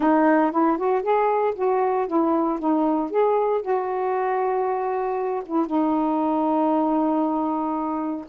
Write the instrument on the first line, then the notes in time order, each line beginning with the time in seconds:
saxophone
0.00 D#4
0.51 E4
0.77 F#4
1.02 G#4
1.55 F#4
2.07 E4
2.59 D#4
3.10 G#4
3.61 F#4
5.45 E4
5.66 D#4